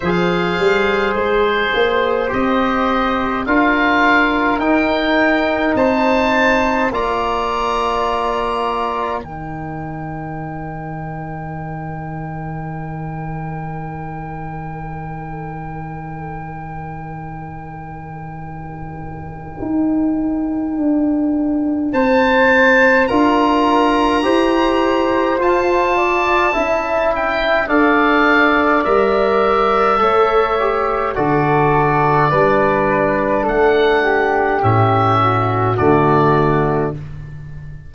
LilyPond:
<<
  \new Staff \with { instrumentName = "oboe" } { \time 4/4 \tempo 4 = 52 f''4 c''4 dis''4 f''4 | g''4 a''4 ais''2 | g''1~ | g''1~ |
g''2. a''4 | ais''2 a''4. g''8 | f''4 e''2 d''4~ | d''4 fis''4 e''4 d''4 | }
  \new Staff \with { instrumentName = "flute" } { \time 4/4 c''2. ais'4~ | ais'4 c''4 d''2 | ais'1~ | ais'1~ |
ais'2. c''4 | ais'4 c''4. d''8 e''4 | d''2 cis''4 a'4 | b'4 a'8 g'4 fis'4. | }
  \new Staff \with { instrumentName = "trombone" } { \time 4/4 gis'2 g'4 f'4 | dis'2 f'2 | dis'1~ | dis'1~ |
dis'1 | f'4 g'4 f'4 e'4 | a'4 ais'4 a'8 g'8 fis'4 | d'2 cis'4 a4 | }
  \new Staff \with { instrumentName = "tuba" } { \time 4/4 f8 g8 gis8 ais8 c'4 d'4 | dis'4 c'4 ais2 | dis1~ | dis1~ |
dis4 dis'4 d'4 c'4 | d'4 e'4 f'4 cis'4 | d'4 g4 a4 d4 | g4 a4 a,4 d4 | }
>>